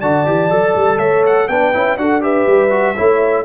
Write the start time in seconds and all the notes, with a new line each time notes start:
0.00 D3 F#4 D5 A5
0.26 E3 G4
0.50 F#3 A4
0.76 G3
0.98 A3 C#5 E5
1.26 F#5
1.48 B3 D4 B4 G5
1.73 C#4 E4
1.97 D4 F#4 A4 F#5
2.20 G4 B4 E5
2.46 G3
2.70 F#4
2.95 A3 E4 C#5